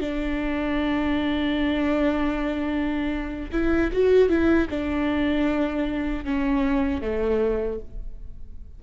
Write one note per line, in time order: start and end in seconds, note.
0.00 3.51 D4
3.52 3.91 E4
3.92 4.29 F#4
4.29 4.68 E4
4.70 6.25 D4
6.25 7.02 C#4
7.02 7.80 A3